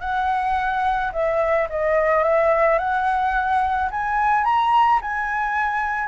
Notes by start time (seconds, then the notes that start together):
0.00 F#5
1.12 E5
1.69 D#5
2.23 E5
2.78 F#5
3.91 G#5
4.44 A#5
5.01 G#5